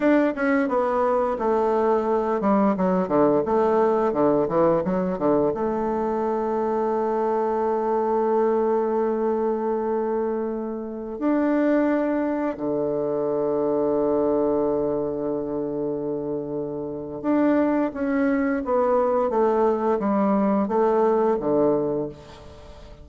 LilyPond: \new Staff \with { instrumentName = "bassoon" } { \time 4/4 \tempo 4 = 87 d'8 cis'8 b4 a4. g8 | fis8 d8 a4 d8 e8 fis8 d8 | a1~ | a1~ |
a16 d'2 d4.~ d16~ | d1~ | d4 d'4 cis'4 b4 | a4 g4 a4 d4 | }